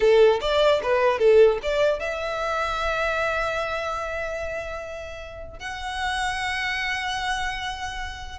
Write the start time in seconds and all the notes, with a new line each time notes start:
0.00 A4
0.40 D5
0.83 B4
1.18 A4
1.62 D5
1.99 E5
5.59 F#5